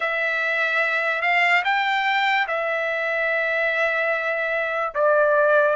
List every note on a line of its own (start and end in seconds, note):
0.00 1.21 E5
1.21 1.62 F5
1.64 2.46 G5
2.47 4.94 E5
4.94 5.75 D5